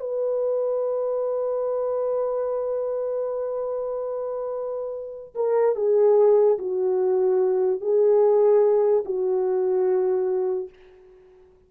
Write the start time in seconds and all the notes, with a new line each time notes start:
0.00 B4
5.35 A#4
5.76 G#4
6.58 F#4
7.81 G#4
9.05 F#4